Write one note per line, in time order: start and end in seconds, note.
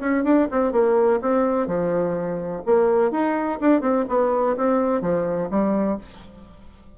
0.00 0.24 C#4
0.24 0.48 D4
0.51 0.72 C4
0.72 1.20 A#3
1.21 1.67 C4
1.67 2.62 F3
2.66 3.11 A#3
3.11 3.59 D#4
3.60 3.81 D4
3.81 4.05 C4
4.08 4.56 B3
4.57 5.01 C4
5.01 5.49 F3
5.50 5.98 G3